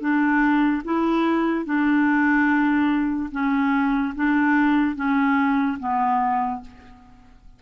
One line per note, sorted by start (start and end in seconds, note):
0.00 0.82 D4
0.84 1.65 E4
1.65 3.29 D4
3.31 4.14 C#4
4.15 4.95 D4
4.95 5.78 C#4
5.79 6.61 B3